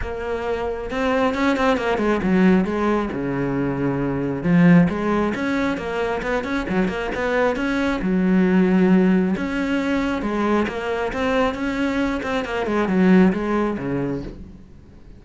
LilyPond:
\new Staff \with { instrumentName = "cello" } { \time 4/4 \tempo 4 = 135 ais2 c'4 cis'8 c'8 | ais8 gis8 fis4 gis4 cis4~ | cis2 f4 gis4 | cis'4 ais4 b8 cis'8 fis8 ais8 |
b4 cis'4 fis2~ | fis4 cis'2 gis4 | ais4 c'4 cis'4. c'8 | ais8 gis8 fis4 gis4 cis4 | }